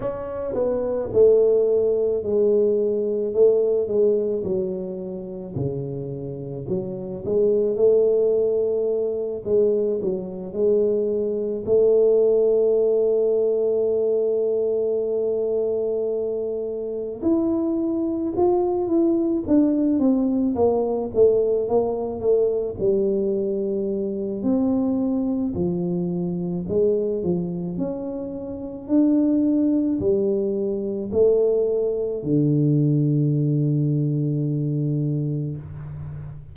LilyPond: \new Staff \with { instrumentName = "tuba" } { \time 4/4 \tempo 4 = 54 cis'8 b8 a4 gis4 a8 gis8 | fis4 cis4 fis8 gis8 a4~ | a8 gis8 fis8 gis4 a4.~ | a2.~ a8 e'8~ |
e'8 f'8 e'8 d'8 c'8 ais8 a8 ais8 | a8 g4. c'4 f4 | gis8 f8 cis'4 d'4 g4 | a4 d2. | }